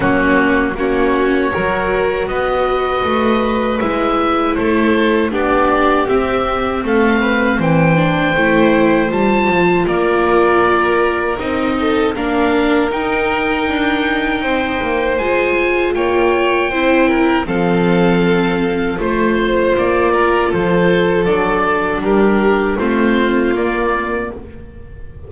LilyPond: <<
  \new Staff \with { instrumentName = "oboe" } { \time 4/4 \tempo 4 = 79 fis'4 cis''2 dis''4~ | dis''4 e''4 c''4 d''4 | e''4 f''4 g''2 | a''4 d''2 dis''4 |
f''4 g''2. | gis''4 g''2 f''4~ | f''4 c''4 d''4 c''4 | d''4 ais'4 c''4 d''4 | }
  \new Staff \with { instrumentName = "violin" } { \time 4/4 cis'4 fis'4 ais'4 b'4~ | b'2 a'4 g'4~ | g'4 a'8 b'8 c''2~ | c''4 ais'2~ ais'8 a'8 |
ais'2. c''4~ | c''4 cis''4 c''8 ais'8 a'4~ | a'4 c''4. ais'8 a'4~ | a'4 g'4 f'2 | }
  \new Staff \with { instrumentName = "viola" } { \time 4/4 ais4 cis'4 fis'2~ | fis'4 e'2 d'4 | c'2~ c'8 d'8 e'4 | f'2. dis'4 |
d'4 dis'2. | f'2 e'4 c'4~ | c'4 f'2. | d'2 c'4 ais4 | }
  \new Staff \with { instrumentName = "double bass" } { \time 4/4 fis4 ais4 fis4 b4 | a4 gis4 a4 b4 | c'4 a4 e4 a4 | g8 f8 ais2 c'4 |
ais4 dis'4 d'4 c'8 ais8 | gis4 ais4 c'4 f4~ | f4 a4 ais4 f4 | fis4 g4 a4 ais4 | }
>>